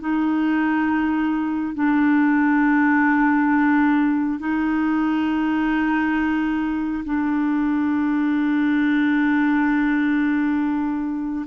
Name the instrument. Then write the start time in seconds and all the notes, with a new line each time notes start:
clarinet
0.00 D#4
1.74 D4
4.39 D#4
7.05 D4